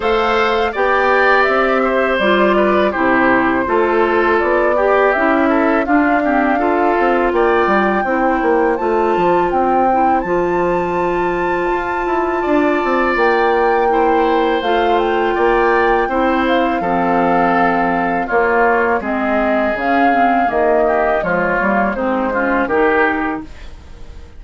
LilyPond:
<<
  \new Staff \with { instrumentName = "flute" } { \time 4/4 \tempo 4 = 82 f''4 g''4 e''4 d''4 | c''2 d''4 e''4 | f''2 g''2 | a''4 g''4 a''2~ |
a''2 g''2 | f''8 g''2 f''4.~ | f''4 cis''4 dis''4 f''4 | dis''4 cis''4 c''4 ais'4 | }
  \new Staff \with { instrumentName = "oboe" } { \time 4/4 c''4 d''4. c''4 b'8 | g'4 a'4. g'4 a'8 | f'8 g'8 a'4 d''4 c''4~ | c''1~ |
c''4 d''2 c''4~ | c''4 d''4 c''4 a'4~ | a'4 f'4 gis'2~ | gis'8 g'8 f'4 dis'8 f'8 g'4 | }
  \new Staff \with { instrumentName = "clarinet" } { \time 4/4 a'4 g'2 f'4 | e'4 f'4. g'8 e'4 | d'8 c'8 f'2 e'4 | f'4. e'8 f'2~ |
f'2. e'4 | f'2 e'4 c'4~ | c'4 ais4 c'4 cis'8 c'8 | ais4 gis8 ais8 c'8 cis'8 dis'4 | }
  \new Staff \with { instrumentName = "bassoon" } { \time 4/4 a4 b4 c'4 g4 | c4 a4 b4 cis'4 | d'4. c'8 ais8 g8 c'8 ais8 | a8 f8 c'4 f2 |
f'8 e'8 d'8 c'8 ais2 | a4 ais4 c'4 f4~ | f4 ais4 gis4 cis4 | dis4 f8 g8 gis4 dis4 | }
>>